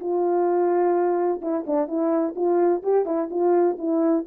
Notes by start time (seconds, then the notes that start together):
0.00 F4
1.41 E4
1.67 D4
1.87 E4
2.35 F4
2.83 G4
3.06 E4
3.30 F4
3.78 E4